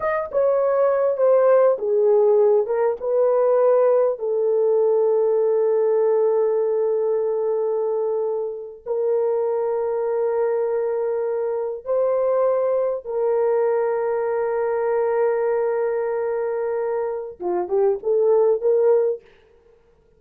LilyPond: \new Staff \with { instrumentName = "horn" } { \time 4/4 \tempo 4 = 100 dis''8 cis''4. c''4 gis'4~ | gis'8 ais'8 b'2 a'4~ | a'1~ | a'2~ a'8. ais'4~ ais'16~ |
ais'2.~ ais'8. c''16~ | c''4.~ c''16 ais'2~ ais'16~ | ais'1~ | ais'4 f'8 g'8 a'4 ais'4 | }